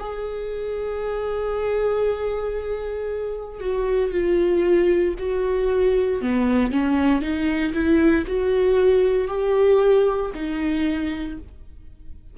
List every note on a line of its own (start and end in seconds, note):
0.00 3.61 G#4
3.61 4.11 F#4
4.11 5.15 F4
5.19 6.22 F#4
6.22 6.72 B3
6.72 7.22 C#4
7.22 7.74 D#4
7.74 8.25 E4
8.28 9.28 F#4
9.28 10.32 G4
10.34 11.38 D#4